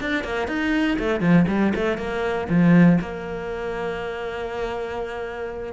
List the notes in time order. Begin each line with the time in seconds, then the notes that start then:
0.00 D4
0.23 A#3
0.47 D#4
0.98 A3
1.20 F3
1.48 G3
1.75 A3
1.97 A#3
2.49 F3
3.00 A#3